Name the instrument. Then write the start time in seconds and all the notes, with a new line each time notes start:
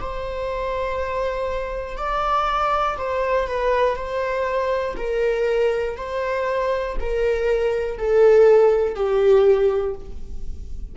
viola
0.00 C5
1.97 D5
2.97 C5
3.47 B4
3.95 C5
4.96 A#4
5.97 C5
7.00 A#4
7.98 A4
8.95 G4